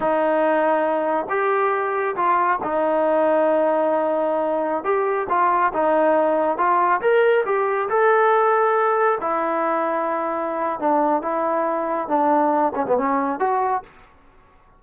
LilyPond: \new Staff \with { instrumentName = "trombone" } { \time 4/4 \tempo 4 = 139 dis'2. g'4~ | g'4 f'4 dis'2~ | dis'2.~ dis'16 g'8.~ | g'16 f'4 dis'2 f'8.~ |
f'16 ais'4 g'4 a'4.~ a'16~ | a'4~ a'16 e'2~ e'8.~ | e'4 d'4 e'2 | d'4. cis'16 b16 cis'4 fis'4 | }